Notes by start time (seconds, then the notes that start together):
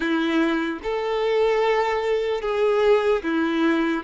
0.00 E4
0.83 A4
2.41 G#4
3.22 E4